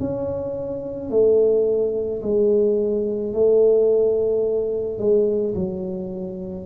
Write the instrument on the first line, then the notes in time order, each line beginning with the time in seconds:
tuba
0.00 C#4
1.11 A3
2.23 G#3
3.34 A3
4.99 G#3
5.55 F#3